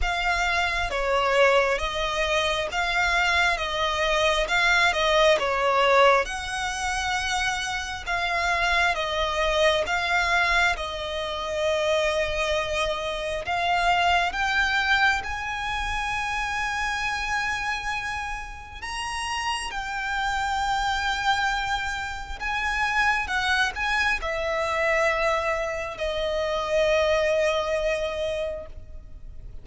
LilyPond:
\new Staff \with { instrumentName = "violin" } { \time 4/4 \tempo 4 = 67 f''4 cis''4 dis''4 f''4 | dis''4 f''8 dis''8 cis''4 fis''4~ | fis''4 f''4 dis''4 f''4 | dis''2. f''4 |
g''4 gis''2.~ | gis''4 ais''4 g''2~ | g''4 gis''4 fis''8 gis''8 e''4~ | e''4 dis''2. | }